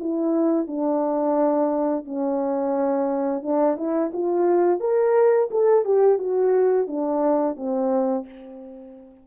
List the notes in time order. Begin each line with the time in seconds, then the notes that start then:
0.00 E4
0.68 D4
2.05 C#4
3.43 D4
3.77 E4
4.13 F4
4.81 A#4
5.51 A4
5.85 G4
6.19 F#4
6.88 D4
7.57 C4